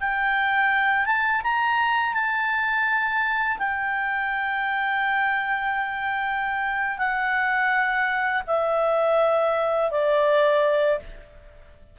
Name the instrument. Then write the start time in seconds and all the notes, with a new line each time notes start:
clarinet
0.00 G5
1.06 A5
1.44 A#5
2.14 A5
3.59 G5
6.98 F#5
8.47 E5
9.91 D5